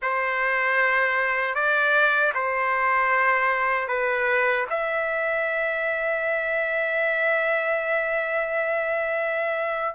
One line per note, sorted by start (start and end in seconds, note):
0.02 1.54 C5
1.54 2.32 D5
2.34 3.87 C5
3.87 4.65 B4
4.70 9.95 E5